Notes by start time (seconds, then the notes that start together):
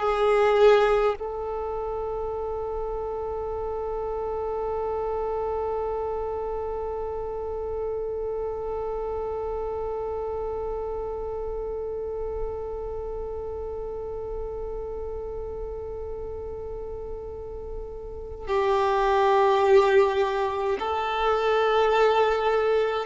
0.00 G#4
1.20 A4
18.48 G4
20.80 A4